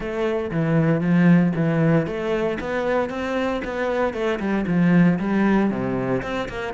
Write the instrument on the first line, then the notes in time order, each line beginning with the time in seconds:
cello
0.00 A3
0.51 E3
1.01 F3
1.55 E3
2.06 A3
2.60 B3
3.09 C4
3.64 B3
4.13 A3
4.39 G3
4.67 F3
5.19 G3
5.70 C3
6.22 C4
6.48 A#3